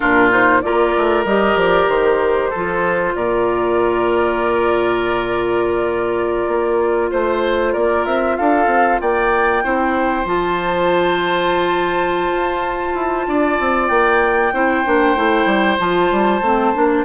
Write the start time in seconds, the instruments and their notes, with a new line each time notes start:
0.00 bassoon A#2, clarinet D4, oboe F4, flute A#4
0.30 clarinet D#4, flute C5
0.61 bassoon A#3, clarinet F4, oboe A#4, flute D5
0.97 bassoon A3
1.24 bassoon G3, clarinet G4, flute D#5
1.55 bassoon F3, flute D5
1.87 bassoon D#3, flute C5
2.50 bassoon F3, clarinet F4, oboe A4
3.14 bassoon A#2, oboe A#4, flute D5
6.47 bassoon A#3
7.10 bassoon A3, oboe C5, flute C5
7.72 bassoon A#3, oboe A#4, flute D5
8.05 bassoon C4, flute E5
8.36 bassoon D4, oboe A4, flute F5
8.66 bassoon C4
9.01 bassoon A#3, oboe D5, flute G5
9.63 bassoon C4, clarinet E4, oboe C5
10.24 bassoon F3, clarinet F4, flute A5
12.32 bassoon F4
12.94 bassoon E4
13.27 bassoon D4, oboe D5
13.59 bassoon C4
13.88 bassoon A#3, flute G5
14.52 bassoon C4, clarinet E4, oboe C5
14.85 bassoon A#3, clarinet D4
15.15 bassoon A3, clarinet E4
15.45 bassoon G3
15.78 bassoon F3, clarinet F4, flute A5
16.11 bassoon G3
16.41 bassoon A3, clarinet C4
16.74 bassoon A#3, clarinet D4